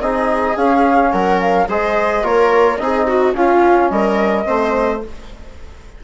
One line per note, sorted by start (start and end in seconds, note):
0.00 0.56 C4
0.00 0.56 D#4
0.00 1.12 G#4
0.00 0.56 D#5
0.56 1.67 C#4
0.56 1.12 C#4
0.56 1.12 F5
1.12 1.68 F#3
1.12 1.68 A#4
1.12 1.40 F#5
1.40 1.68 F5
1.68 2.22 G#3
1.68 2.23 G#4
1.68 2.24 C5
1.68 2.25 D#5
2.22 2.78 A#3
2.22 2.78 F4
2.22 2.79 A#4
2.22 2.77 C#5
2.77 3.34 C4
2.77 3.33 D#4
2.77 3.07 G#4
2.77 3.33 D#5
3.07 3.35 F#4
3.33 4.44 C#4
3.33 3.90 C#4
3.33 3.92 F4
3.33 3.90 F5
3.90 4.45 G3
3.90 4.47 A#4
3.90 5.01 D#5
4.44 5.04 A3
4.44 5.00 C4
4.44 5.03 C5